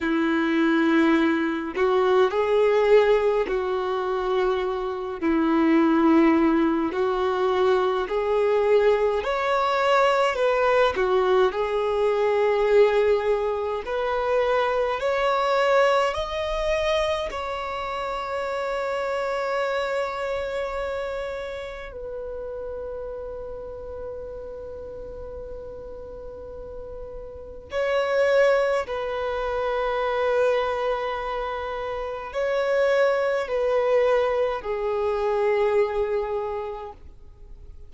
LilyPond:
\new Staff \with { instrumentName = "violin" } { \time 4/4 \tempo 4 = 52 e'4. fis'8 gis'4 fis'4~ | fis'8 e'4. fis'4 gis'4 | cis''4 b'8 fis'8 gis'2 | b'4 cis''4 dis''4 cis''4~ |
cis''2. b'4~ | b'1 | cis''4 b'2. | cis''4 b'4 gis'2 | }